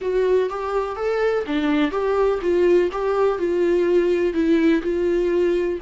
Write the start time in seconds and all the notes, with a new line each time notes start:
0.01 F#4
0.49 G4
0.95 A4
1.46 D4
1.91 G4
2.41 F4
2.91 G4
3.38 F4
4.33 E4
4.82 F4